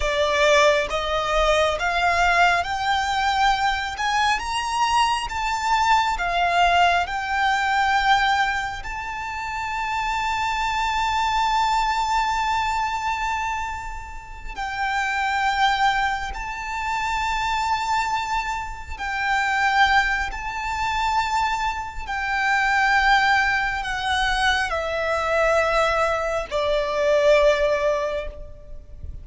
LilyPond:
\new Staff \with { instrumentName = "violin" } { \time 4/4 \tempo 4 = 68 d''4 dis''4 f''4 g''4~ | g''8 gis''8 ais''4 a''4 f''4 | g''2 a''2~ | a''1~ |
a''8 g''2 a''4.~ | a''4. g''4. a''4~ | a''4 g''2 fis''4 | e''2 d''2 | }